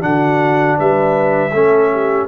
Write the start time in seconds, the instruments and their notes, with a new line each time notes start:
0.00 tuba D3, trombone D4, horn F#4, trumpet F#5
0.78 tuba G3, horn B4, trumpet E5
1.52 tuba A3, trombone C#4, horn A4
1.92 horn G4